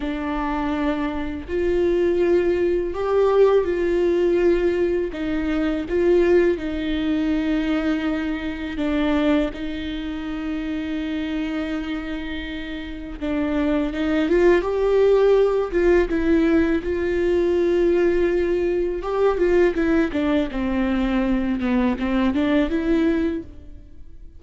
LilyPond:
\new Staff \with { instrumentName = "viola" } { \time 4/4 \tempo 4 = 82 d'2 f'2 | g'4 f'2 dis'4 | f'4 dis'2. | d'4 dis'2.~ |
dis'2 d'4 dis'8 f'8 | g'4. f'8 e'4 f'4~ | f'2 g'8 f'8 e'8 d'8 | c'4. b8 c'8 d'8 e'4 | }